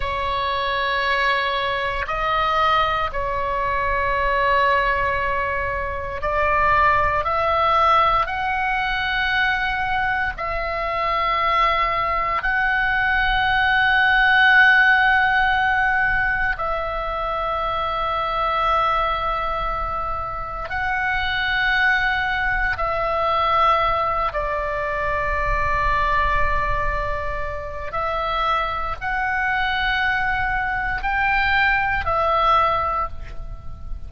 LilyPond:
\new Staff \with { instrumentName = "oboe" } { \time 4/4 \tempo 4 = 58 cis''2 dis''4 cis''4~ | cis''2 d''4 e''4 | fis''2 e''2 | fis''1 |
e''1 | fis''2 e''4. d''8~ | d''2. e''4 | fis''2 g''4 e''4 | }